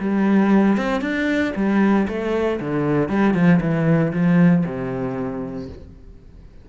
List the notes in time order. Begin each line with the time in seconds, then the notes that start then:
0.00 G3
0.77 C4
1.01 D4
1.56 G3
2.08 A3
2.60 D3
3.09 G3
3.34 F3
3.61 E3
4.13 F3
4.65 C3